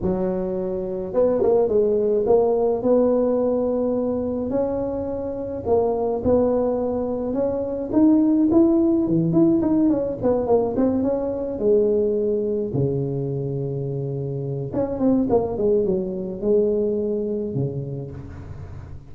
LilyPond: \new Staff \with { instrumentName = "tuba" } { \time 4/4 \tempo 4 = 106 fis2 b8 ais8 gis4 | ais4 b2. | cis'2 ais4 b4~ | b4 cis'4 dis'4 e'4 |
e8 e'8 dis'8 cis'8 b8 ais8 c'8 cis'8~ | cis'8 gis2 cis4.~ | cis2 cis'8 c'8 ais8 gis8 | fis4 gis2 cis4 | }